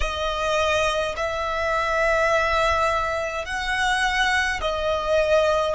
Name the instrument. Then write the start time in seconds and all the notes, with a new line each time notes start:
violin
0.00 D#5
1.16 E5
3.45 F#5
4.60 D#5